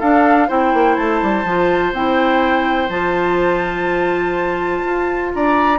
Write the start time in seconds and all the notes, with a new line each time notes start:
0.00 D4 A4 F5
0.48 C4 E4 C5 G5
0.73 A#3
0.96 A3 A5
1.22 G3
1.44 F3 F4
1.93 C4 E4 G5
2.89 F3 F4 A5
4.86 F4
5.34 D4 D5 A#5